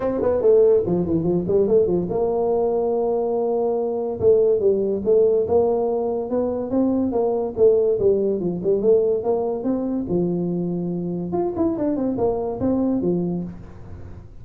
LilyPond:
\new Staff \with { instrumentName = "tuba" } { \time 4/4 \tempo 4 = 143 c'8 b8 a4 f8 e8 f8 g8 | a8 f8 ais2.~ | ais2 a4 g4 | a4 ais2 b4 |
c'4 ais4 a4 g4 | f8 g8 a4 ais4 c'4 | f2. f'8 e'8 | d'8 c'8 ais4 c'4 f4 | }